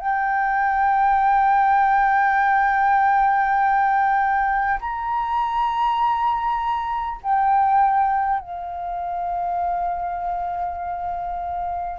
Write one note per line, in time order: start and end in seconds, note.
0.00 4.80 G5
4.81 7.21 A#5
7.23 8.39 G5
8.39 11.99 F5